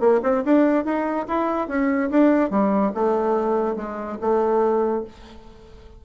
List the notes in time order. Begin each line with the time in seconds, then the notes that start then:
0.00 A#3
0.23 C4
0.45 D4
0.85 D#4
1.28 E4
1.68 C#4
2.10 D4
2.51 G3
2.95 A3
3.76 G#3
4.21 A3